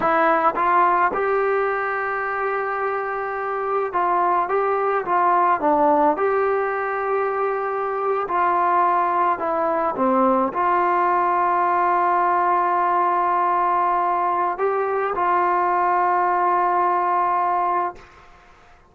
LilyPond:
\new Staff \with { instrumentName = "trombone" } { \time 4/4 \tempo 4 = 107 e'4 f'4 g'2~ | g'2. f'4 | g'4 f'4 d'4 g'4~ | g'2~ g'8. f'4~ f'16~ |
f'8. e'4 c'4 f'4~ f'16~ | f'1~ | f'2 g'4 f'4~ | f'1 | }